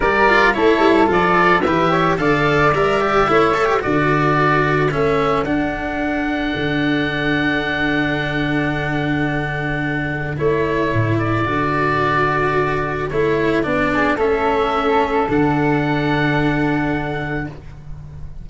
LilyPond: <<
  \new Staff \with { instrumentName = "oboe" } { \time 4/4 \tempo 4 = 110 d''4 cis''4 d''4 e''4 | f''4 e''2 d''4~ | d''4 e''4 fis''2~ | fis''1~ |
fis''2. cis''4~ | cis''8 d''2.~ d''8 | cis''4 d''4 e''2 | fis''1 | }
  \new Staff \with { instrumentName = "flute" } { \time 4/4 ais'4 a'2 b'8 cis''8 | d''2 cis''4 a'4~ | a'1~ | a'1~ |
a'1~ | a'1~ | a'4. gis'8 a'2~ | a'1 | }
  \new Staff \with { instrumentName = "cello" } { \time 4/4 g'8 f'8 e'4 f'4 g'4 | a'4 ais'8 g'8 e'8 a'16 g'16 fis'4~ | fis'4 cis'4 d'2~ | d'1~ |
d'2. e'4~ | e'4 fis'2. | e'4 d'4 cis'2 | d'1 | }
  \new Staff \with { instrumentName = "tuba" } { \time 4/4 g4 a8 g8 f4 e4 | d4 g4 a4 d4~ | d4 a4 d'2 | d1~ |
d2. a4 | a,4 d2. | a4 b4 a2 | d1 | }
>>